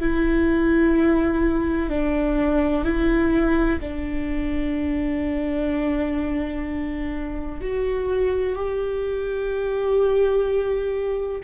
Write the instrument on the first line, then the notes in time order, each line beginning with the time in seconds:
viola
0.00 E4
1.90 D4
2.84 E4
3.81 D4
7.61 F#4
8.56 G4